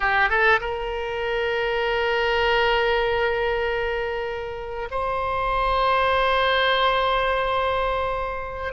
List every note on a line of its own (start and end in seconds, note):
0.00 0.29 G4
0.29 0.60 A4
0.60 4.88 A#4
4.90 8.73 C5